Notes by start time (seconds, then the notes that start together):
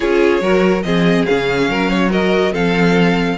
0.00 C#4 F4 G#4 C#5
0.41 F#3 F#4 A#4
0.82 F3 C4 G#4 D#5
1.25 C#3 C#4 F5
1.68 F#3 A#4
1.90 C#5
2.10 F#4 A#4 D#5
2.51 F3 C4 A4 F5